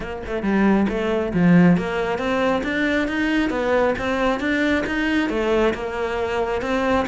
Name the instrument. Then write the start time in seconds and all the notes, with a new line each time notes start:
cello
0.00 A#3
0.26 A3
0.42 G3
0.88 A3
1.33 F3
1.77 A#3
2.18 C4
2.63 D4
3.08 D#4
3.50 B3
3.98 C4
4.40 D4
4.86 D#4
5.29 A3
5.74 A#3
6.61 C4